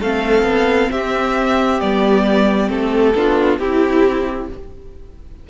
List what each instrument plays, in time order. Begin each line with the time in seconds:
0.00 cello A3, viola C4, violin A4 F5
0.43 cello B3
0.91 cello C4, violin G4 E5
1.80 cello G3, viola B3, violin D5
2.67 cello A3, viola C4, violin A4
3.15 cello B3, viola D4, violin F4
3.58 cello C4, violin E4 G4, viola E4